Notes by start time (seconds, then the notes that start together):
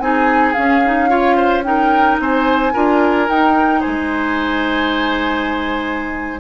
0.00 C4 D#4 G#4 G#5
0.54 C#4 F5
0.85 D#4
1.09 F4 C#5
1.36 C5
1.64 D#4 A#4 G5
2.20 C4 C5 G#5
2.74 D4 F4 A#4
3.29 D#4 G5
3.81 C5 G#5
3.87 G#3